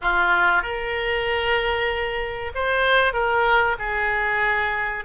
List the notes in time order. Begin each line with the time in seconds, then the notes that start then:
0.01 F4
0.62 A#4
2.54 C5
3.13 A#4
3.78 G#4